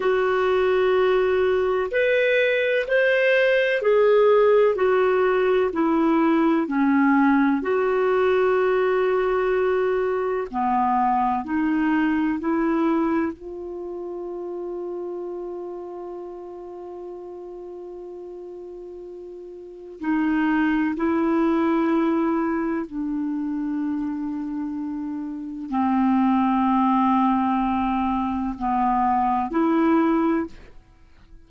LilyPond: \new Staff \with { instrumentName = "clarinet" } { \time 4/4 \tempo 4 = 63 fis'2 b'4 c''4 | gis'4 fis'4 e'4 cis'4 | fis'2. b4 | dis'4 e'4 f'2~ |
f'1~ | f'4 dis'4 e'2 | d'2. c'4~ | c'2 b4 e'4 | }